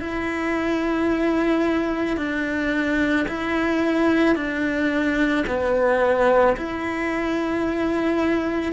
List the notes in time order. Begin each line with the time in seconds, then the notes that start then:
0.00 E4
2.17 D4
3.28 E4
4.35 D4
5.47 B3
6.57 E4